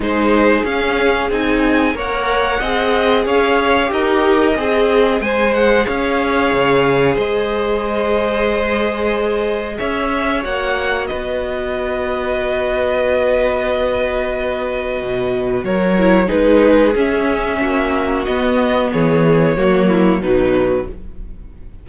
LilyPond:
<<
  \new Staff \with { instrumentName = "violin" } { \time 4/4 \tempo 4 = 92 c''4 f''4 gis''4 fis''4~ | fis''4 f''4 dis''2 | gis''8 fis''8 f''2 dis''4~ | dis''2. e''4 |
fis''4 dis''2.~ | dis''1 | cis''4 b'4 e''2 | dis''4 cis''2 b'4 | }
  \new Staff \with { instrumentName = "violin" } { \time 4/4 gis'2. cis''4 | dis''4 cis''4 ais'4 gis'4 | c''4 cis''2 c''4~ | c''2. cis''4~ |
cis''4 b'2.~ | b'1 | ais'4 gis'2 fis'4~ | fis'4 gis'4 fis'8 e'8 dis'4 | }
  \new Staff \with { instrumentName = "viola" } { \time 4/4 dis'4 cis'4 dis'4 ais'4 | gis'2 g'4 gis'4~ | gis'1~ | gis'1 |
fis'1~ | fis'1~ | fis'8 e'8 dis'4 cis'2 | b2 ais4 fis4 | }
  \new Staff \with { instrumentName = "cello" } { \time 4/4 gis4 cis'4 c'4 ais4 | c'4 cis'4 dis'4 c'4 | gis4 cis'4 cis4 gis4~ | gis2. cis'4 |
ais4 b2.~ | b2. b,4 | fis4 gis4 cis'4 ais4 | b4 e4 fis4 b,4 | }
>>